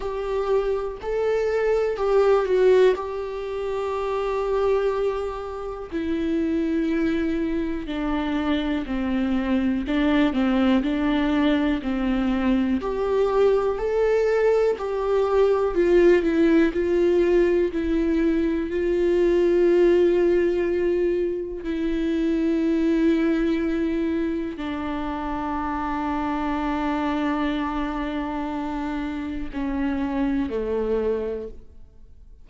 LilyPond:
\new Staff \with { instrumentName = "viola" } { \time 4/4 \tempo 4 = 61 g'4 a'4 g'8 fis'8 g'4~ | g'2 e'2 | d'4 c'4 d'8 c'8 d'4 | c'4 g'4 a'4 g'4 |
f'8 e'8 f'4 e'4 f'4~ | f'2 e'2~ | e'4 d'2.~ | d'2 cis'4 a4 | }